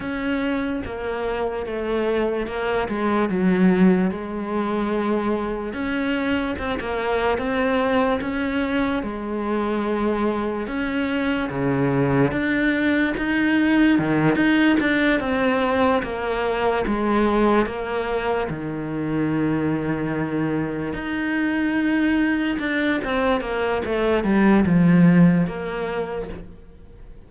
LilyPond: \new Staff \with { instrumentName = "cello" } { \time 4/4 \tempo 4 = 73 cis'4 ais4 a4 ais8 gis8 | fis4 gis2 cis'4 | c'16 ais8. c'4 cis'4 gis4~ | gis4 cis'4 cis4 d'4 |
dis'4 dis8 dis'8 d'8 c'4 ais8~ | ais8 gis4 ais4 dis4.~ | dis4. dis'2 d'8 | c'8 ais8 a8 g8 f4 ais4 | }